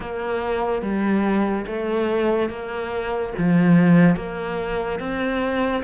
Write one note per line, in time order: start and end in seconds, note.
0.00 0.82 A#3
0.82 1.65 G3
1.66 2.49 A3
2.49 3.33 A#3
3.37 4.16 F3
4.16 4.99 A#3
4.99 5.83 C4